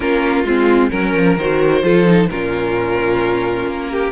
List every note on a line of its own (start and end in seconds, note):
0.00 0.44 A#3
0.00 0.45 C#4
0.00 0.90 F4
0.00 0.44 A#4
0.44 0.90 G#3
0.44 0.91 C4
0.44 0.90 F4
0.90 1.14 F#3
0.90 1.36 C#4
0.90 1.36 A#4
0.90 1.83 A#4
1.14 1.37 F3
1.37 1.82 D#3
1.37 1.83 F#4
1.37 2.29 C5
1.82 2.28 F3
1.82 2.05 F4
1.82 2.29 A4
2.05 2.28 D#4
2.29 3.66 A#2
2.29 4.11 C#4
2.29 3.90 F4
2.29 4.11 A#4
3.66 4.11 A#3
3.90 4.11 G4